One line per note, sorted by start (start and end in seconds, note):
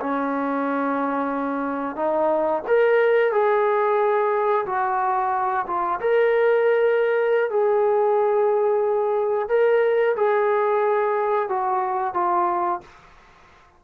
0.00 1.96 C#4
1.96 2.62 D#4
2.67 3.32 A#4
3.32 4.65 G#4
4.65 5.65 F#4
5.66 6.00 F4
6.00 7.50 A#4
7.50 9.48 G#4
9.48 10.15 A#4
10.16 11.49 G#4
11.49 12.14 F#4
12.14 12.80 F4